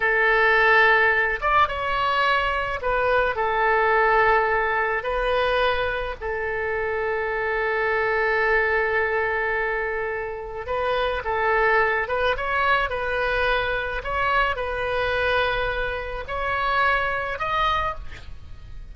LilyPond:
\new Staff \with { instrumentName = "oboe" } { \time 4/4 \tempo 4 = 107 a'2~ a'8 d''8 cis''4~ | cis''4 b'4 a'2~ | a'4 b'2 a'4~ | a'1~ |
a'2. b'4 | a'4. b'8 cis''4 b'4~ | b'4 cis''4 b'2~ | b'4 cis''2 dis''4 | }